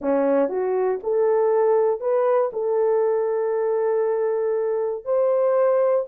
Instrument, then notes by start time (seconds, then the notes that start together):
horn
0.01 C#4
0.48 F#4
1.03 A4
2.00 B4
2.52 A4
5.04 C5